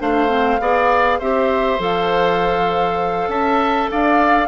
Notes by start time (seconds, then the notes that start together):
0.00 A3 D4 C5 F5
0.29 C4
0.60 B3 G#4 D5
1.19 C4 G4 C5 E5
1.79 F3 A4 F5
3.28 C#4 E5 A5
3.91 D4 D5 F5